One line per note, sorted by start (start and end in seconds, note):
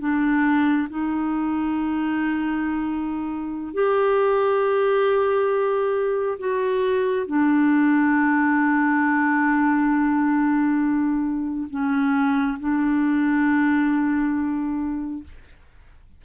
0.00 0.88 D4
0.89 3.74 D#4
3.74 6.39 G4
6.39 7.27 F#4
7.27 11.68 D4
11.70 12.58 C#4
12.59 15.24 D4